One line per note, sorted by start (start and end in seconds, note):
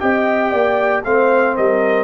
0.00 0.52 C4
0.00 1.03 G4
0.00 0.51 D#5
0.00 1.04 G5
0.51 1.04 A#3
0.51 1.02 D5
1.05 1.56 A3
1.05 2.04 C4
1.05 1.56 C5
1.05 1.56 F5
1.56 2.04 G3
1.56 2.04 A#4
1.56 2.04 D#5